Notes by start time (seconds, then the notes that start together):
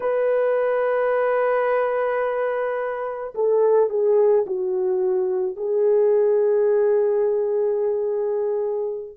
0.00 B4
3.34 A4
3.89 G#4
4.46 F#4
5.56 G#4